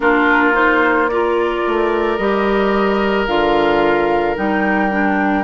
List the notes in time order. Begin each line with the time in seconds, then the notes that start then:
0.00 A#3 D4 F4 A#4
0.53 D#4 C5
1.08 F4 A#4 D5
1.67 A3
2.17 G3 G4 D#5
3.27 D3 F4 F5
4.35 G3 D#4 G5
4.90 D4